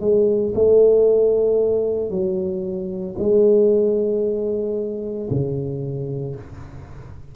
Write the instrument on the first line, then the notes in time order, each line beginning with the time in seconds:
tuba
0.00 G#3
0.55 A3
2.10 F#3
3.18 G#3
5.30 C#3